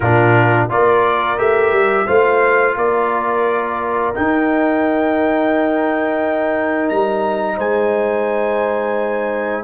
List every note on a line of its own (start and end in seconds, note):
0.00 0.69 A#2
0.00 0.69 D4
0.00 0.69 F4
0.00 0.67 A#4
0.69 1.38 A#3
0.69 1.37 F4
0.69 2.06 A#4
0.69 1.38 D5
1.37 1.72 A3
1.37 2.06 G4
1.37 2.07 E5
1.72 2.06 G3
2.06 2.76 A3
2.06 4.14 F4
2.06 2.75 C5
2.06 2.76 F5
2.76 4.14 A#3
2.76 7.56 A#4
2.76 4.15 D5
4.14 9.64 D#4
4.14 6.90 D#4
4.14 6.89 G5
6.89 7.57 G3
6.89 7.58 A#5
7.56 9.64 G#3
7.56 9.63 C5
7.56 9.64 G#5